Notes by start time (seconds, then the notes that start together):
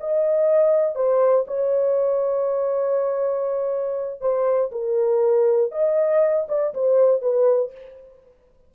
0.00 D#5
0.95 C5
1.47 C#5
4.21 C5
4.72 A#4
5.72 D#5
6.49 D5
6.74 C5
7.22 B4